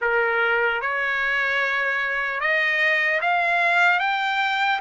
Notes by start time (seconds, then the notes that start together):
0.01 A#4
0.81 C#5
2.40 D#5
3.21 F5
3.99 G5